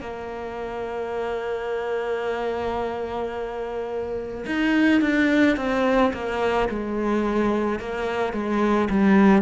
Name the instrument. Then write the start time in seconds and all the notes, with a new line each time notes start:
cello
0.00 A#3
4.46 D#4
5.01 D4
5.56 C4
6.13 A#3
6.69 G#3
7.79 A#3
8.32 G#3
8.89 G3